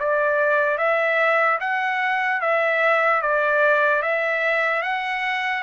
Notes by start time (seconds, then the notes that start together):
0.00 D5
0.79 E5
1.61 F#5
2.42 E5
3.22 D5
4.03 E5
4.82 F#5